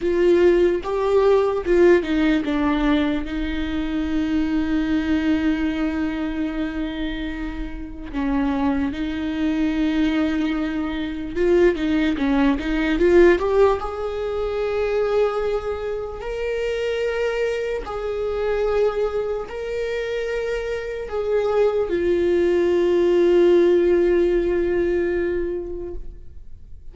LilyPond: \new Staff \with { instrumentName = "viola" } { \time 4/4 \tempo 4 = 74 f'4 g'4 f'8 dis'8 d'4 | dis'1~ | dis'2 cis'4 dis'4~ | dis'2 f'8 dis'8 cis'8 dis'8 |
f'8 g'8 gis'2. | ais'2 gis'2 | ais'2 gis'4 f'4~ | f'1 | }